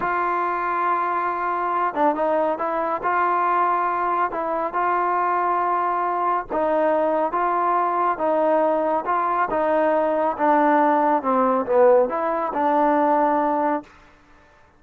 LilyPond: \new Staff \with { instrumentName = "trombone" } { \time 4/4 \tempo 4 = 139 f'1~ | f'8 d'8 dis'4 e'4 f'4~ | f'2 e'4 f'4~ | f'2. dis'4~ |
dis'4 f'2 dis'4~ | dis'4 f'4 dis'2 | d'2 c'4 b4 | e'4 d'2. | }